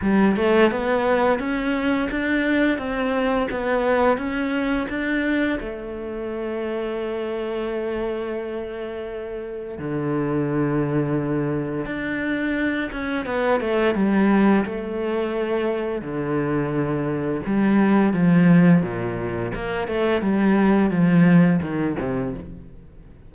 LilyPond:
\new Staff \with { instrumentName = "cello" } { \time 4/4 \tempo 4 = 86 g8 a8 b4 cis'4 d'4 | c'4 b4 cis'4 d'4 | a1~ | a2 d2~ |
d4 d'4. cis'8 b8 a8 | g4 a2 d4~ | d4 g4 f4 ais,4 | ais8 a8 g4 f4 dis8 c8 | }